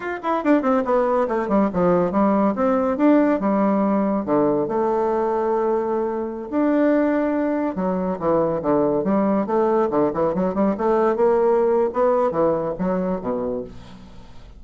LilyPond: \new Staff \with { instrumentName = "bassoon" } { \time 4/4 \tempo 4 = 141 f'8 e'8 d'8 c'8 b4 a8 g8 | f4 g4 c'4 d'4 | g2 d4 a4~ | a2.~ a16 d'8.~ |
d'2~ d'16 fis4 e8.~ | e16 d4 g4 a4 d8 e16~ | e16 fis8 g8 a4 ais4.~ ais16 | b4 e4 fis4 b,4 | }